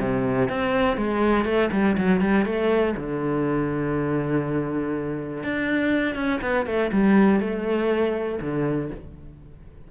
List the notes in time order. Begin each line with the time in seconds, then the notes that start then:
0.00 C3
0.49 C4
0.97 G#3
1.45 A3
1.72 G3
1.98 F#3
2.21 G3
2.46 A3
2.97 D3
5.44 D4
6.15 C#4
6.41 B3
6.66 A3
6.92 G3
7.40 A3
8.41 D3